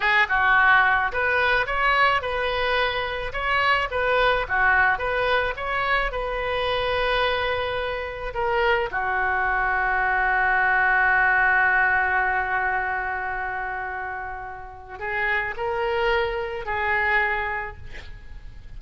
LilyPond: \new Staff \with { instrumentName = "oboe" } { \time 4/4 \tempo 4 = 108 gis'8 fis'4. b'4 cis''4 | b'2 cis''4 b'4 | fis'4 b'4 cis''4 b'4~ | b'2. ais'4 |
fis'1~ | fis'1~ | fis'2. gis'4 | ais'2 gis'2 | }